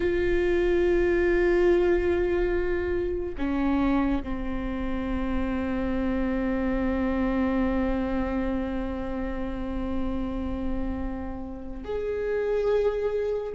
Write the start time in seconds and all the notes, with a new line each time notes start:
0.00 F4
3.38 C#4
4.23 C4
11.84 G#4